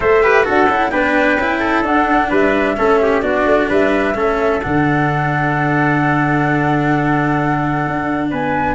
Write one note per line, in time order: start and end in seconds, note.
0.00 0.48 A3
0.00 0.22 A4
0.00 0.23 C5
0.00 0.46 E5
0.22 0.43 G4
0.22 0.44 B4
0.43 0.67 D4
0.43 0.66 F#4
0.43 0.90 A4
0.43 0.90 F#5
0.67 0.91 C#4
0.67 0.91 E4
0.90 1.37 B3
0.90 1.37 D4
0.90 1.59 B4
0.90 1.82 G5
1.37 1.82 C#4
1.37 1.84 E4
1.59 2.28 A4
1.82 2.28 D4
1.82 2.77 D4
1.82 2.31 F#5
2.29 2.77 G3
2.29 2.75 B4
2.29 3.22 E5
2.77 3.22 A3
2.77 3.22 C#4
2.77 3.01 A4
3.01 3.23 G4
3.22 3.45 B3
3.22 4.14 D4
3.22 3.69 F#4
3.22 3.68 D5
3.45 3.68 A3
3.69 4.14 G3
3.69 4.15 B4
3.69 4.61 E5
4.14 4.60 A3
4.14 4.61 C#4
4.14 8.30 A4
4.61 7.86 D3
4.61 8.74 D4
4.61 8.30 F#5
7.86 8.32 D4
8.30 8.74 B3
8.30 8.74 B4
8.30 8.74 G#5